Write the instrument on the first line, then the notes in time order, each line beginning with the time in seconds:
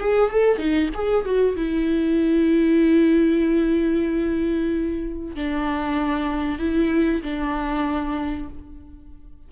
viola
0.00 G#4
0.31 A4
0.58 D#4
0.95 G#4
1.25 F#4
1.57 E4
5.36 D4
6.59 E4
7.23 D4